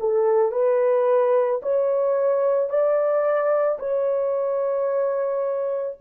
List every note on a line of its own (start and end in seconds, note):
0.00 0.52 A4
0.52 1.61 B4
1.62 2.69 C#5
2.69 3.78 D5
3.79 5.97 C#5